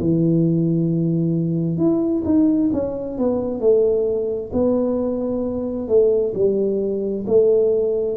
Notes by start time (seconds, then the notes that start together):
0.00 E3
1.78 E4
2.26 D#4
2.73 C#4
3.19 B3
3.60 A3
4.53 B3
5.88 A3
6.35 G3
7.27 A3